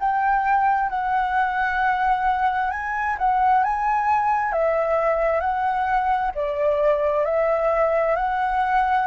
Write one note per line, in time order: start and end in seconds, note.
0.00 0.89 G5
0.89 2.71 F#5
2.71 3.16 G#5
3.18 3.63 F#5
3.63 4.52 G#5
4.52 5.40 E5
5.40 6.31 F#5
6.34 7.25 D5
7.25 8.16 E5
8.16 9.07 F#5